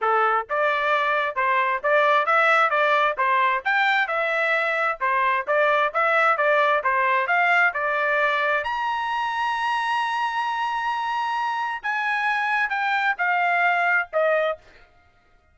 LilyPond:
\new Staff \with { instrumentName = "trumpet" } { \time 4/4 \tempo 4 = 132 a'4 d''2 c''4 | d''4 e''4 d''4 c''4 | g''4 e''2 c''4 | d''4 e''4 d''4 c''4 |
f''4 d''2 ais''4~ | ais''1~ | ais''2 gis''2 | g''4 f''2 dis''4 | }